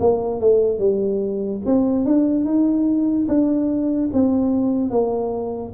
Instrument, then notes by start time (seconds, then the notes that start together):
tuba
0.00 A#3
0.40 A3
0.79 G3
1.66 C4
2.05 D4
2.45 D#4
3.28 D4
4.13 C4
4.90 A#3